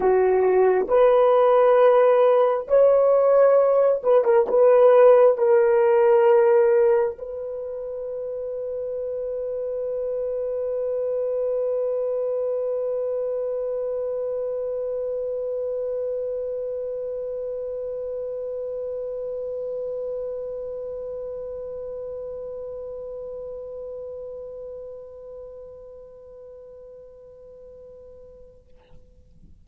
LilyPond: \new Staff \with { instrumentName = "horn" } { \time 4/4 \tempo 4 = 67 fis'4 b'2 cis''4~ | cis''8 b'16 ais'16 b'4 ais'2 | b'1~ | b'1~ |
b'1~ | b'1~ | b'1~ | b'1 | }